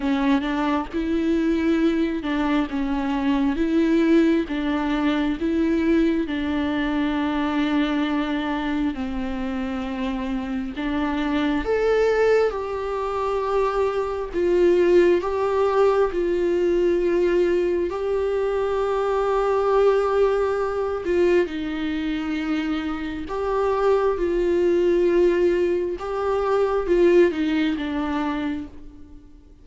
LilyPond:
\new Staff \with { instrumentName = "viola" } { \time 4/4 \tempo 4 = 67 cis'8 d'8 e'4. d'8 cis'4 | e'4 d'4 e'4 d'4~ | d'2 c'2 | d'4 a'4 g'2 |
f'4 g'4 f'2 | g'2.~ g'8 f'8 | dis'2 g'4 f'4~ | f'4 g'4 f'8 dis'8 d'4 | }